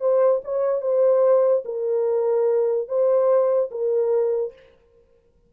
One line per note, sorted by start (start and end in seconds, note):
0.00 0.41 C5
0.44 0.81 C#5
0.81 1.64 C5
1.65 2.88 A#4
2.88 3.70 C5
3.71 4.53 A#4